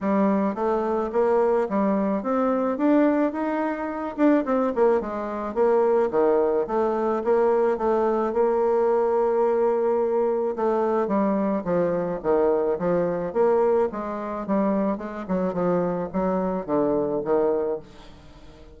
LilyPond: \new Staff \with { instrumentName = "bassoon" } { \time 4/4 \tempo 4 = 108 g4 a4 ais4 g4 | c'4 d'4 dis'4. d'8 | c'8 ais8 gis4 ais4 dis4 | a4 ais4 a4 ais4~ |
ais2. a4 | g4 f4 dis4 f4 | ais4 gis4 g4 gis8 fis8 | f4 fis4 d4 dis4 | }